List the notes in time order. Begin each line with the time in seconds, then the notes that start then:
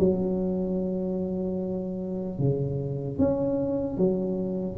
0.00 F#3
2.39 C#3
3.19 C#4
3.98 F#3